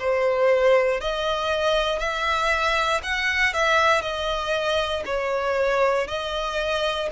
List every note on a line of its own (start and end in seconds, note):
0.00 1.01 C5
1.01 2.00 D#5
2.00 3.01 E5
3.04 3.54 F#5
3.54 4.02 E5
4.02 5.03 D#5
5.06 6.08 C#5
6.08 7.10 D#5